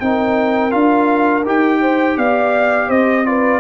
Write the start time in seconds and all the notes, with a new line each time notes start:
0.00 C4 D#4 A#4 G5
0.71 D4 F4 F5
1.45 D#4 G4 G5
1.81 C5
2.17 B3 D5 F5
2.88 C4 C5 D#5
3.25 F4 B4 D5